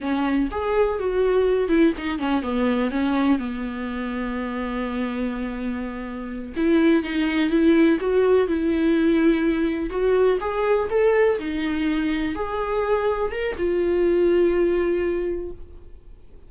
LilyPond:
\new Staff \with { instrumentName = "viola" } { \time 4/4 \tempo 4 = 124 cis'4 gis'4 fis'4. e'8 | dis'8 cis'8 b4 cis'4 b4~ | b1~ | b4. e'4 dis'4 e'8~ |
e'8 fis'4 e'2~ e'8~ | e'8 fis'4 gis'4 a'4 dis'8~ | dis'4. gis'2 ais'8 | f'1 | }